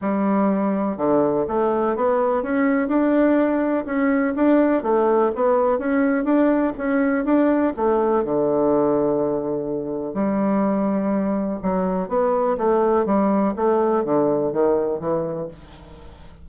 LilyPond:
\new Staff \with { instrumentName = "bassoon" } { \time 4/4 \tempo 4 = 124 g2 d4 a4 | b4 cis'4 d'2 | cis'4 d'4 a4 b4 | cis'4 d'4 cis'4 d'4 |
a4 d2.~ | d4 g2. | fis4 b4 a4 g4 | a4 d4 dis4 e4 | }